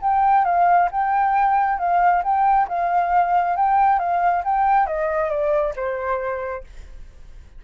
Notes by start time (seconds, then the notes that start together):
0.00 G5
0.44 F5
0.91 G5
1.78 F5
2.23 G5
2.68 F5
3.56 G5
3.98 F5
4.44 G5
4.86 D#5
5.29 D5
5.75 C5